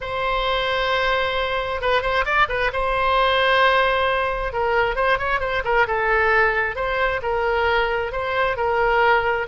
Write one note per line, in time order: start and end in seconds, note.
0.00 1.81 C5
1.81 2.02 B4
2.02 2.24 C5
2.25 2.47 D5
2.48 2.71 B4
2.73 4.53 C5
4.53 4.95 A#4
4.95 5.18 C5
5.18 5.40 C#5
5.40 5.62 C5
5.64 5.86 A#4
5.87 6.75 A4
6.75 7.20 C5
7.22 8.12 A#4
8.12 8.56 C5
8.56 9.47 A#4